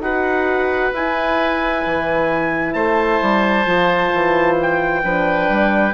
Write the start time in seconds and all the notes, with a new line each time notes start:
0.00 D#4 F#4 B4 F#5
0.93 E4 G#5
1.86 E3
2.74 A3 C5 A5
3.22 G3
3.66 F3 F4
4.14 E3
4.62 G5
5.04 F3 D4 B4
5.50 G3